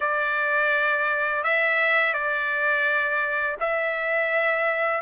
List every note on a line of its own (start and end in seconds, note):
0.00 1.43 D5
1.43 2.13 E5
2.13 3.56 D5
3.60 5.01 E5